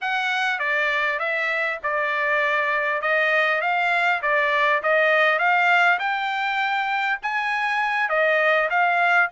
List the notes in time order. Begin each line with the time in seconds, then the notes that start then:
0.01 F#5
0.59 D5
1.19 E5
1.83 D5
3.01 D#5
3.61 F5
4.22 D5
4.82 D#5
5.38 F5
5.99 G5
7.22 G#5
8.09 D#5
8.70 F5